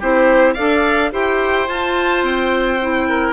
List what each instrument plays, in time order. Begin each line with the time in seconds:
0.00 bassoon C4, clarinet E4, oboe G4, violin C5
0.54 bassoon D4, clarinet A4, oboe D5, violin F5
1.12 bassoon E4, clarinet G4, oboe C5, violin G5
1.68 clarinet F4, bassoon F4, violin A5
2.23 bassoon C4, violin G5
2.82 clarinet E4
3.09 oboe A#4